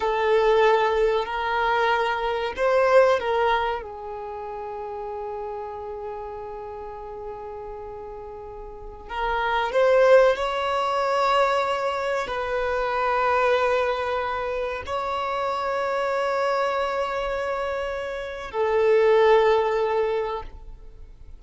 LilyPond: \new Staff \with { instrumentName = "violin" } { \time 4/4 \tempo 4 = 94 a'2 ais'2 | c''4 ais'4 gis'2~ | gis'1~ | gis'2~ gis'16 ais'4 c''8.~ |
c''16 cis''2. b'8.~ | b'2.~ b'16 cis''8.~ | cis''1~ | cis''4 a'2. | }